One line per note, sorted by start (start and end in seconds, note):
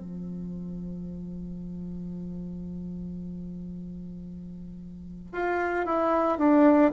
0.00 5.32 F3
5.32 5.86 F4
5.86 6.38 E4
6.38 6.92 D4